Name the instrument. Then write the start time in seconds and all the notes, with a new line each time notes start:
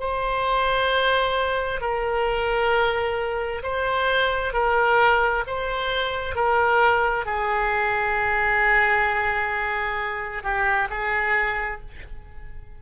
oboe
0.00 C5
1.81 A#4
3.63 C5
4.54 A#4
5.47 C5
6.36 A#4
7.26 G#4
10.43 G4
10.90 G#4